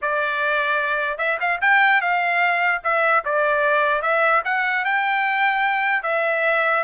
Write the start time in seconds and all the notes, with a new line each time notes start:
0.01 D5
1.18 E5
1.40 F5
1.61 G5
2.01 F5
2.83 E5
3.25 D5
4.02 E5
4.44 F#5
4.84 G5
6.03 E5